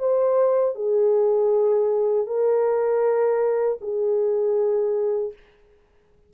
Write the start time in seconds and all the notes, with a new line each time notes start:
0.00 C5
0.76 G#4
2.27 A#4
3.81 G#4